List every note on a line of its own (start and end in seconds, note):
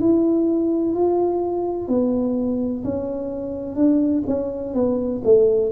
0.00 0.94 E4
0.94 1.88 F4
1.88 2.84 B3
2.84 3.76 C#4
3.76 4.23 D4
4.27 4.74 C#4
4.74 5.22 B3
5.24 5.72 A3